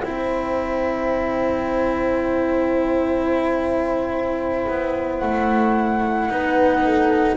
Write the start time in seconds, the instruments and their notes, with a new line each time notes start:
0.00 double bass C4, cello E4, horn C5, flute G5
4.67 double bass B3
5.18 double bass A3, flute F#5
6.29 double bass B3, cello D#4, horn B4
6.85 horn A4